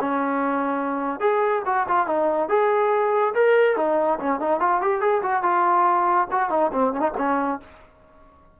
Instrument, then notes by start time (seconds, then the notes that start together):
trombone
0.00 C#4
1.20 G#4
1.66 F#4
1.88 F4
2.07 D#4
2.49 G#4
3.34 A#4
3.76 D#4
4.19 C#4
4.40 D#4
4.60 F4
4.81 G4
5.01 G#4
5.22 F#4
5.43 F4
6.31 F#4
6.50 D#4
6.72 C4
6.93 C#4
7.00 D#4
7.17 C#4